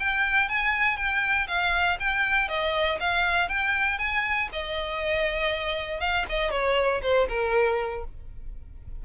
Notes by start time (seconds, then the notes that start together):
0.00 G5
0.49 G#5
0.97 G5
1.48 F5
2.00 G5
2.49 D#5
3.00 F5
3.49 G5
3.99 G#5
4.53 D#5
6.01 F5
6.30 D#5
6.51 C#5
7.03 C5
7.29 A#4